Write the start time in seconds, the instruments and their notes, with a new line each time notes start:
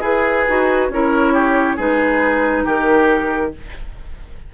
0.00 bassoon E4, oboe G#4, clarinet G#4, flute B4
0.48 bassoon D#4, clarinet F#4
0.89 bassoon C#4, clarinet E4, oboe A#4, flute C#5
1.33 oboe G4
1.76 bassoon G#3, clarinet D#4, oboe G#4, flute B4
2.64 bassoon D#3, oboe G4, flute A#4